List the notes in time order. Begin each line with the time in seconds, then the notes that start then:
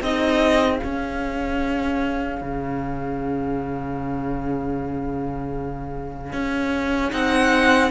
0.00 C4 D#4 G#4 D#5
0.76 C#4 F5
0.83 C#4
2.41 C#3
6.33 C#4
7.10 C4 D#4 F#5